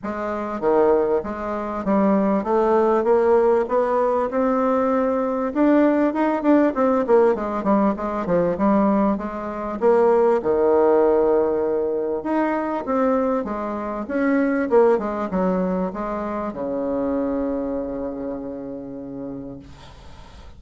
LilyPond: \new Staff \with { instrumentName = "bassoon" } { \time 4/4 \tempo 4 = 98 gis4 dis4 gis4 g4 | a4 ais4 b4 c'4~ | c'4 d'4 dis'8 d'8 c'8 ais8 | gis8 g8 gis8 f8 g4 gis4 |
ais4 dis2. | dis'4 c'4 gis4 cis'4 | ais8 gis8 fis4 gis4 cis4~ | cis1 | }